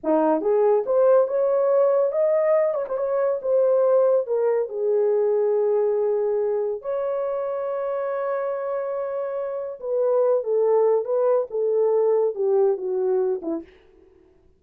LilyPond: \new Staff \with { instrumentName = "horn" } { \time 4/4 \tempo 4 = 141 dis'4 gis'4 c''4 cis''4~ | cis''4 dis''4. cis''16 c''16 cis''4 | c''2 ais'4 gis'4~ | gis'1 |
cis''1~ | cis''2. b'4~ | b'8 a'4. b'4 a'4~ | a'4 g'4 fis'4. e'8 | }